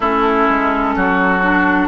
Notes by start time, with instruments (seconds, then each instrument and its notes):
0.00 bassoon A3, clarinet C#4, oboe E4, flute A4
0.48 bassoon G#3
0.95 bassoon F#3, oboe F#4
1.42 clarinet D4